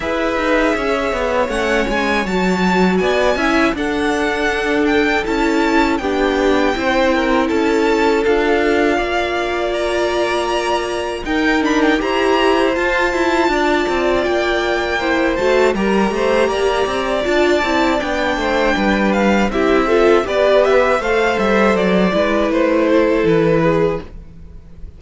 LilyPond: <<
  \new Staff \with { instrumentName = "violin" } { \time 4/4 \tempo 4 = 80 e''2 fis''8 gis''8 a''4 | gis''4 fis''4. g''8 a''4 | g''2 a''4 f''4~ | f''4 ais''2 g''8 b''16 g''16 |
ais''4 a''2 g''4~ | g''8 a''8 ais''2 a''4 | g''4. f''8 e''4 d''8 e''8 | f''8 e''8 d''4 c''4 b'4 | }
  \new Staff \with { instrumentName = "violin" } { \time 4/4 b'4 cis''2. | d''8 e''8 a'2. | g'4 c''8 ais'8 a'2 | d''2. ais'4 |
c''2 d''2 | c''4 ais'8 c''8 d''2~ | d''8 c''8 b'4 g'8 a'8 b'4 | c''4. b'4 a'4 gis'8 | }
  \new Staff \with { instrumentName = "viola" } { \time 4/4 gis'2 cis'4 fis'4~ | fis'8 e'8 d'2 e'4 | d'4 e'2 f'4~ | f'2. dis'8 d'8 |
g'4 f'2. | e'8 fis'8 g'2 f'8 e'8 | d'2 e'8 f'8 g'4 | a'4. e'2~ e'8 | }
  \new Staff \with { instrumentName = "cello" } { \time 4/4 e'8 dis'8 cis'8 b8 a8 gis8 fis4 | b8 cis'8 d'2 cis'4 | b4 c'4 cis'4 d'4 | ais2. dis'4 |
e'4 f'8 e'8 d'8 c'8 ais4~ | ais8 a8 g8 a8 ais8 c'8 d'8 c'8 | b8 a8 g4 c'4 b4 | a8 g8 fis8 gis8 a4 e4 | }
>>